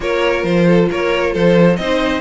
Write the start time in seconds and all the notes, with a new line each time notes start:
0.00 A#3 F4 A#4 C#5
0.43 F3 C5
0.67 A4
0.90 A#3 A#4 C#5
1.32 F3 A4 C5
1.76 C4 D#4 C5 D#5